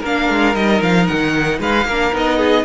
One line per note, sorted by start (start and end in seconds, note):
0.00 0.29 A#3
0.00 0.55 D4
0.00 1.58 A#4
0.00 0.55 F5
0.29 0.54 G#3
0.54 0.81 G3
0.54 1.87 D#4
0.54 0.81 D#5
0.82 1.08 F3
0.82 1.07 F5
1.07 1.60 D#3
1.07 1.59 F#5
1.60 1.85 G#3
1.60 1.87 B4
1.60 2.15 F5
1.85 2.11 A#3
1.85 2.13 D4
1.85 2.38 A#4
2.13 2.64 B3
2.13 2.64 D#4
2.13 2.64 D#5
2.38 2.64 G#4